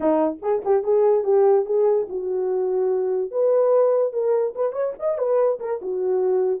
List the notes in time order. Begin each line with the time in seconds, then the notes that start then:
0.00 D#4
0.42 G#4
0.65 G4
0.83 G#4
1.24 G4
1.65 G#4
2.09 F#4
3.31 B4
4.12 A#4
4.55 B4
4.72 C#5
4.99 D#5
5.17 B4
5.59 A#4
5.81 F#4